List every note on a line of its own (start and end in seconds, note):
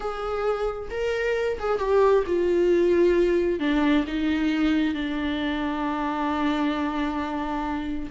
0.00 0.89 G#4
0.90 1.58 A#4
1.59 1.78 G#4
1.78 2.23 G4
2.26 3.59 F4
3.59 4.05 D4
4.07 4.94 D#4
4.94 8.10 D4